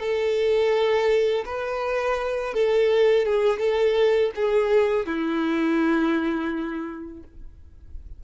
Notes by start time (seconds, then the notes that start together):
0.00 A4
1.46 B4
2.54 A4
3.26 G#4
3.59 A4
4.35 G#4
5.06 E4